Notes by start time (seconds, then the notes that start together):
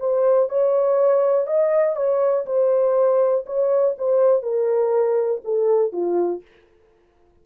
0.00 C5
0.49 C#5
1.47 D#5
1.96 C#5
2.47 C5
3.46 C#5
3.98 C5
4.43 A#4
5.45 A4
5.93 F4